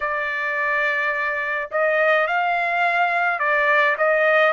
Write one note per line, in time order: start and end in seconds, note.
0.00 1.69 D5
1.71 2.26 D#5
2.26 3.39 F5
3.39 3.96 D5
3.97 4.52 D#5